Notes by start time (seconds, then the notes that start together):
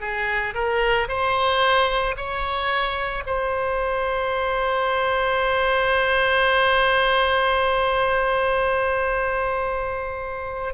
0.00 G#4
0.54 A#4
1.08 C5
2.16 C#5
3.26 C5